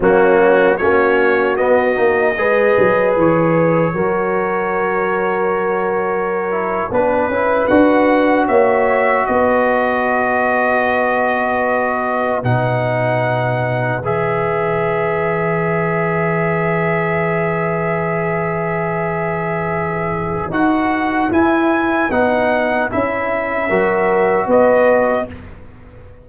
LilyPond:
<<
  \new Staff \with { instrumentName = "trumpet" } { \time 4/4 \tempo 4 = 76 fis'4 cis''4 dis''2 | cis''1~ | cis''8. b'4 fis''4 e''4 dis''16~ | dis''2.~ dis''8. fis''16~ |
fis''4.~ fis''16 e''2~ e''16~ | e''1~ | e''2 fis''4 gis''4 | fis''4 e''2 dis''4 | }
  \new Staff \with { instrumentName = "horn" } { \time 4/4 cis'4 fis'2 b'4~ | b'4 ais'2.~ | ais'8. b'2 cis''4 b'16~ | b'1~ |
b'1~ | b'1~ | b'1~ | b'2 ais'4 b'4 | }
  \new Staff \with { instrumentName = "trombone" } { \time 4/4 ais4 cis'4 b8 dis'8 gis'4~ | gis'4 fis'2.~ | fis'16 e'8 d'8 e'8 fis'2~ fis'16~ | fis'2.~ fis'8. dis'16~ |
dis'4.~ dis'16 gis'2~ gis'16~ | gis'1~ | gis'2 fis'4 e'4 | dis'4 e'4 fis'2 | }
  \new Staff \with { instrumentName = "tuba" } { \time 4/4 fis4 ais4 b8 ais8 gis8 fis8 | e4 fis2.~ | fis8. b8 cis'8 d'4 ais4 b16~ | b2.~ b8. b,16~ |
b,4.~ b,16 e2~ e16~ | e1~ | e2 dis'4 e'4 | b4 cis'4 fis4 b4 | }
>>